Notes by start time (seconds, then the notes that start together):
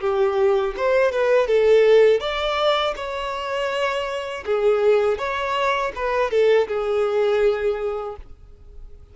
0.00 G4
0.76 C5
1.12 B4
1.47 A4
2.20 D5
2.96 C#5
4.45 G#4
5.18 C#5
5.95 B4
6.30 A4
6.68 G#4